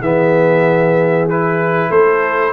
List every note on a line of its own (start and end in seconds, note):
0.00 1.89 E3
0.00 1.30 B3
0.00 1.89 G#4
0.00 1.29 E5
1.29 2.53 E4
1.29 1.91 B4
1.89 2.53 A3
1.89 2.52 A4
1.89 2.53 C5